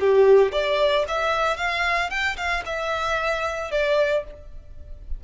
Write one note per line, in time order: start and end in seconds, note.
0.00 0.52 G4
0.52 1.05 D5
1.08 1.57 E5
1.57 2.10 F5
2.10 2.37 G5
2.37 2.63 F5
2.65 3.71 E5
3.71 4.24 D5